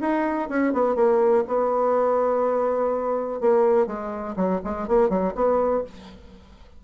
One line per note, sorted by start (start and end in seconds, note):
0.00 0.49 D#4
0.49 0.73 C#4
0.73 0.95 B3
0.95 1.44 A#3
1.47 3.40 B3
3.40 3.86 A#3
3.86 4.35 G#3
4.36 4.60 F#3
4.64 4.87 G#3
4.87 5.09 A#3
5.09 5.33 F#3
5.35 5.84 B3